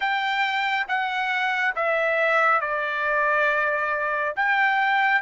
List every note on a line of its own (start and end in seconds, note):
0.00 0.86 G5
0.87 1.74 F#5
1.75 2.60 E5
2.60 4.34 D5
4.36 5.21 G5